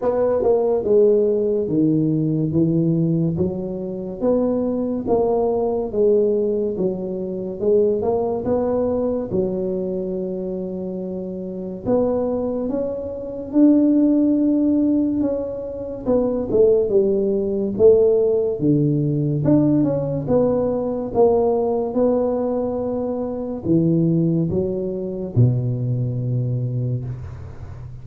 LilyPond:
\new Staff \with { instrumentName = "tuba" } { \time 4/4 \tempo 4 = 71 b8 ais8 gis4 dis4 e4 | fis4 b4 ais4 gis4 | fis4 gis8 ais8 b4 fis4~ | fis2 b4 cis'4 |
d'2 cis'4 b8 a8 | g4 a4 d4 d'8 cis'8 | b4 ais4 b2 | e4 fis4 b,2 | }